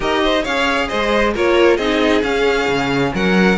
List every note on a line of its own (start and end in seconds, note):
0.00 0.45 D#4
0.00 0.42 G4
0.00 0.22 A#4
0.00 0.44 D#5
0.23 0.42 C5
0.42 0.90 C#4
0.42 1.34 G#4
0.42 0.87 C#5
0.42 0.88 F5
0.88 1.36 G#3
0.88 1.33 C5
0.88 1.33 D#5
1.34 1.78 A#3
1.34 1.79 F4
1.34 1.77 A#4
1.34 1.77 C#5
1.77 2.23 C4
1.77 2.22 D#4
1.77 3.11 G#4
1.77 2.21 D#5
2.22 3.56 C#4
2.22 2.67 C#4
2.22 3.13 F5
2.68 3.12 C#3
3.14 3.57 F#3
3.14 3.57 A#4
3.14 3.57 F#5